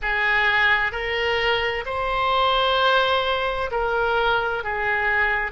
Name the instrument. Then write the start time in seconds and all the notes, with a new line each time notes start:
oboe
0.02 G#4
0.91 A#4
1.85 C5
3.71 A#4
4.63 G#4